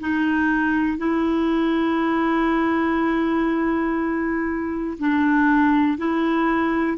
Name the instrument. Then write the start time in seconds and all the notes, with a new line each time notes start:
clarinet
0.00 D#4
0.98 E4
4.99 D4
5.97 E4